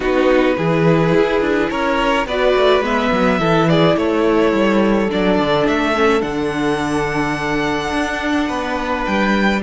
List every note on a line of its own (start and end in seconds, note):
0.00 0.57 B3
0.00 0.56 D#4
0.00 0.56 F#4
0.00 1.70 B4
0.56 1.14 E3
0.56 2.26 E4
0.56 1.70 G#4
1.14 1.41 E4
1.41 1.69 D4
1.70 2.26 C#4
1.70 2.27 A#4
1.70 2.26 C#5
2.26 2.54 B3
2.26 2.82 F#4
2.26 3.39 B4
2.26 2.84 D5
2.56 2.80 A3
2.80 3.08 G#3
2.80 3.39 B3
2.80 3.69 E5
3.12 3.39 F#3
3.39 3.95 E3
3.39 5.08 E4
3.39 3.68 A4
3.69 3.98 G#4
3.69 3.97 D5
3.95 4.52 A3
3.95 8.48 A4
3.95 5.10 C#5
4.52 5.08 G3
5.09 5.38 F#3
5.09 5.94 D4
5.09 5.67 D5
5.38 5.67 D3
5.67 6.22 A3
5.67 6.21 E5
5.95 6.20 C#4
6.20 7.92 D3
6.20 9.60 D4
6.20 9.04 F#5
7.92 8.49 D4
8.48 9.06 B3
8.48 9.61 B4
9.05 9.62 G3
9.05 9.61 G5